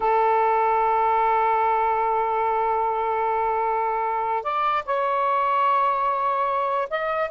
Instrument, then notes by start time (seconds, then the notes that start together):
saxophone
0.00 A4
4.43 D5
4.85 C#5
6.89 D#5